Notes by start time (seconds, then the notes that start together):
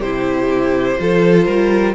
0.00 C3 E4 G4 C5
0.99 F3 F4 A4
1.45 G3 A#4